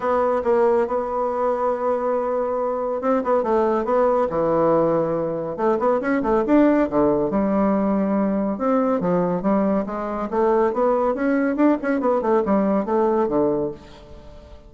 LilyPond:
\new Staff \with { instrumentName = "bassoon" } { \time 4/4 \tempo 4 = 140 b4 ais4 b2~ | b2. c'8 b8 | a4 b4 e2~ | e4 a8 b8 cis'8 a8 d'4 |
d4 g2. | c'4 f4 g4 gis4 | a4 b4 cis'4 d'8 cis'8 | b8 a8 g4 a4 d4 | }